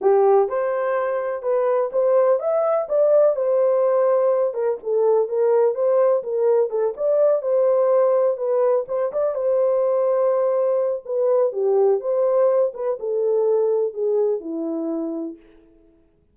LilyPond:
\new Staff \with { instrumentName = "horn" } { \time 4/4 \tempo 4 = 125 g'4 c''2 b'4 | c''4 e''4 d''4 c''4~ | c''4. ais'8 a'4 ais'4 | c''4 ais'4 a'8 d''4 c''8~ |
c''4. b'4 c''8 d''8 c''8~ | c''2. b'4 | g'4 c''4. b'8 a'4~ | a'4 gis'4 e'2 | }